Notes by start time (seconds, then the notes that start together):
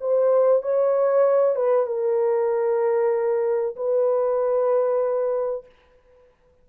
0.00 C5
0.62 C#5
1.56 B4
1.86 A#4
3.76 B4